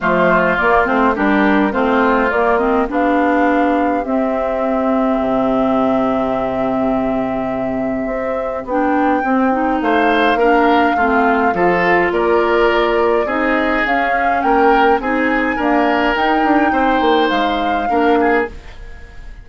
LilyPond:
<<
  \new Staff \with { instrumentName = "flute" } { \time 4/4 \tempo 4 = 104 c''4 d''8 c''8 ais'4 c''4 | d''8 dis''8 f''2 e''4~ | e''1~ | e''2. g''4~ |
g''4 f''2.~ | f''4 d''2 dis''4 | f''4 g''4 gis''2 | g''2 f''2 | }
  \new Staff \with { instrumentName = "oboe" } { \time 4/4 f'2 g'4 f'4~ | f'4 g'2.~ | g'1~ | g'1~ |
g'4 c''4 ais'4 f'4 | a'4 ais'2 gis'4~ | gis'4 ais'4 gis'4 ais'4~ | ais'4 c''2 ais'8 gis'8 | }
  \new Staff \with { instrumentName = "clarinet" } { \time 4/4 a4 ais8 c'8 d'4 c'4 | ais8 c'8 d'2 c'4~ | c'1~ | c'2. d'4 |
c'8 dis'4. d'4 c'4 | f'2. dis'4 | cis'2 dis'4 ais4 | dis'2. d'4 | }
  \new Staff \with { instrumentName = "bassoon" } { \time 4/4 f4 ais8 a8 g4 a4 | ais4 b2 c'4~ | c'4 c2.~ | c2 c'4 b4 |
c'4 a4 ais4 a4 | f4 ais2 c'4 | cis'4 ais4 c'4 d'4 | dis'8 d'8 c'8 ais8 gis4 ais4 | }
>>